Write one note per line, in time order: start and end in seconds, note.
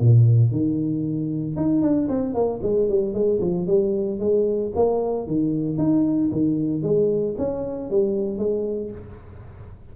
0.00 0.52 A#2
0.52 1.56 D#3
1.56 1.82 D#4
1.82 2.08 D4
2.09 2.34 C4
2.34 2.61 A#3
2.63 2.89 G#3
2.89 3.14 G3
3.14 3.40 G#3
3.41 3.67 F3
3.67 4.20 G3
4.20 4.72 G#3
4.76 5.27 A#3
5.27 5.78 D#3
5.78 6.31 D#4
6.32 6.83 D#3
6.83 7.36 G#3
7.38 7.90 C#4
7.90 8.39 G3
8.39 8.91 G#3